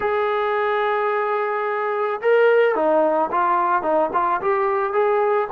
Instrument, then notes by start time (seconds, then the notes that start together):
trombone
0.00 G#4
2.21 A#4
2.75 D#4
3.31 F4
3.82 D#4
4.13 F4
4.41 G4
4.92 G#4